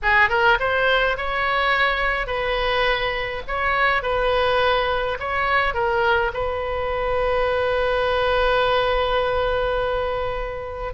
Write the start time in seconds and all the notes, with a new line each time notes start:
0.02 G#4
0.29 A#4
0.59 C5
1.17 C#5
2.27 B4
3.47 C#5
4.02 B4
5.19 C#5
5.74 A#4
6.33 B4